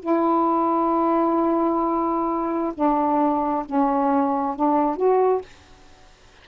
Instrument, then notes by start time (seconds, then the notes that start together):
saxophone
0.00 E4
2.74 D4
3.65 C#4
4.56 D4
4.96 F#4